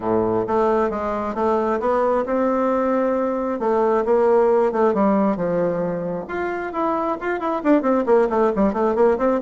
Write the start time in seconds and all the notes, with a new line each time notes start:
0.00 A2
0.47 A3
0.90 G#3
1.34 A3
1.80 B3
2.25 C4
3.59 A3
4.05 A#3
4.72 A3
4.94 G3
5.36 F3
6.27 F4
6.72 E4
7.20 F4
7.39 E4
7.63 D4
7.82 C4
8.06 A#3
8.29 A3
8.55 G3
8.73 A3
8.95 A#3
9.18 C4